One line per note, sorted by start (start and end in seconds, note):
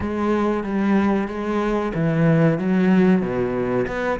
0.00 0.63 G#3
0.63 1.27 G3
1.27 1.92 G#3
1.94 2.58 E3
2.58 3.21 F#3
3.21 3.86 B2
3.87 4.19 B3